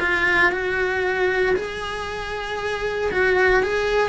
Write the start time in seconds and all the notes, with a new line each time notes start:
0.00 F4
0.52 F#4
1.56 G#4
3.11 F#4
3.63 G#4